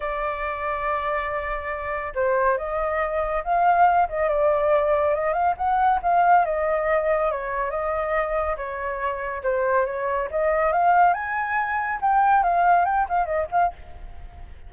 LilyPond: \new Staff \with { instrumentName = "flute" } { \time 4/4 \tempo 4 = 140 d''1~ | d''4 c''4 dis''2 | f''4. dis''8 d''2 | dis''8 f''8 fis''4 f''4 dis''4~ |
dis''4 cis''4 dis''2 | cis''2 c''4 cis''4 | dis''4 f''4 gis''2 | g''4 f''4 g''8 f''8 dis''8 f''8 | }